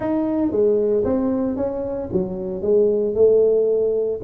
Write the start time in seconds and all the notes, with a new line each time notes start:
0.00 D#4
0.51 G#3
1.04 C4
1.56 C#4
2.12 F#3
2.62 G#3
3.15 A3